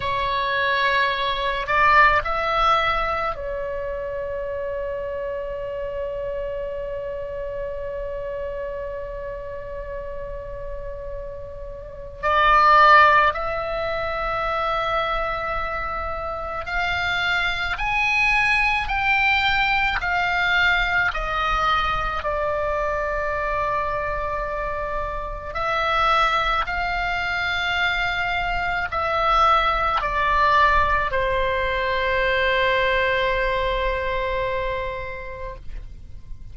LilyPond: \new Staff \with { instrumentName = "oboe" } { \time 4/4 \tempo 4 = 54 cis''4. d''8 e''4 cis''4~ | cis''1~ | cis''2. d''4 | e''2. f''4 |
gis''4 g''4 f''4 dis''4 | d''2. e''4 | f''2 e''4 d''4 | c''1 | }